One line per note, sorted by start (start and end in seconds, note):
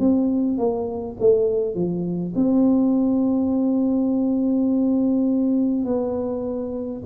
0.00 0.58 C4
0.58 1.17 A#3
1.20 1.75 A3
1.75 2.34 F3
2.36 5.85 C4
5.85 7.03 B3